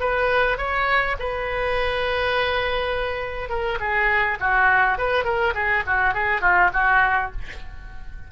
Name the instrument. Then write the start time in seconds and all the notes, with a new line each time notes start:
oboe
0.00 B4
0.58 C#5
1.19 B4
3.49 A#4
3.80 G#4
4.40 F#4
4.98 B4
5.25 A#4
5.54 G#4
5.86 F#4
6.14 G#4
6.41 F4
6.73 F#4